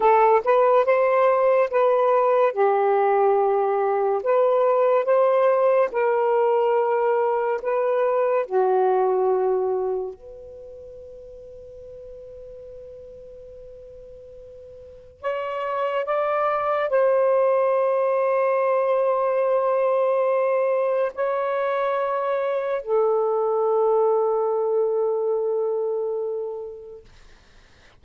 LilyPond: \new Staff \with { instrumentName = "saxophone" } { \time 4/4 \tempo 4 = 71 a'8 b'8 c''4 b'4 g'4~ | g'4 b'4 c''4 ais'4~ | ais'4 b'4 fis'2 | b'1~ |
b'2 cis''4 d''4 | c''1~ | c''4 cis''2 a'4~ | a'1 | }